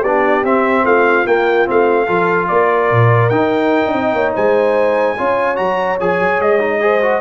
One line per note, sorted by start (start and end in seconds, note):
0.00 0.43 B3
0.00 0.45 D4
0.00 0.82 G4
0.00 0.44 D5
0.43 0.84 C4
0.43 1.26 C4
0.43 0.85 E5
0.84 1.25 A3
0.84 2.05 F4
0.84 1.26 F5
1.26 1.65 A#3
1.26 1.67 A#3
1.26 1.67 G5
1.65 2.08 A3
1.65 2.06 C4
1.65 2.47 F5
2.05 2.49 F3
2.05 3.30 F4
2.05 2.46 A4
2.47 2.91 A#3
2.47 3.93 A#4
2.47 3.29 D5
2.91 3.30 A#2
3.29 3.82 D#4
3.29 5.16 D#4
3.29 4.32 G5
3.85 3.93 D4
3.93 4.12 C4
3.93 4.14 D#5
4.12 4.33 A#3
4.12 4.34 C#5
4.34 5.19 G#3
4.34 5.16 C5
4.34 5.56 G#5
5.17 5.58 C#4
5.17 5.55 F4
5.17 6.81 C#5
5.55 5.99 F#3
5.55 5.96 F#4
5.55 5.97 A#5
5.99 6.19 F3
5.99 6.60 G#4
5.99 6.41 G#5
6.19 6.39 F#3
6.39 7.20 G#3
6.39 7.20 D#5
6.60 6.80 D#4
6.80 7.01 G#4
6.80 7.20 C5
7.01 7.20 F#4